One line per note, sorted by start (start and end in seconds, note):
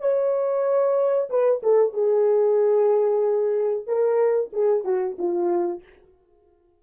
0.00 1.29 C#5
1.29 1.62 B4
1.63 1.93 A4
1.93 3.87 G#4
3.87 4.51 A#4
4.53 4.84 G#4
4.84 5.17 F#4
5.18 5.83 F4